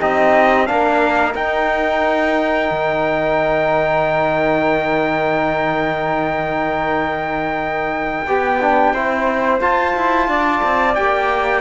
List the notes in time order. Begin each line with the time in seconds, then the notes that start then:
0.00 C4 D#4 G4 D#5
0.66 A#3 D4 A#4 F5
1.34 D#4 G5
2.70 D#3
8.27 B3 G4
8.61 D4
8.93 C4 E4 C5
9.60 F4 A5
9.96 E4
10.28 D4 D5
10.63 C4
10.95 A#3 G4 G5